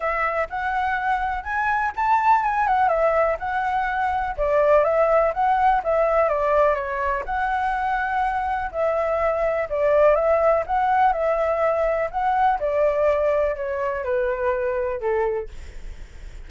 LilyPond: \new Staff \with { instrumentName = "flute" } { \time 4/4 \tempo 4 = 124 e''4 fis''2 gis''4 | a''4 gis''8 fis''8 e''4 fis''4~ | fis''4 d''4 e''4 fis''4 | e''4 d''4 cis''4 fis''4~ |
fis''2 e''2 | d''4 e''4 fis''4 e''4~ | e''4 fis''4 d''2 | cis''4 b'2 a'4 | }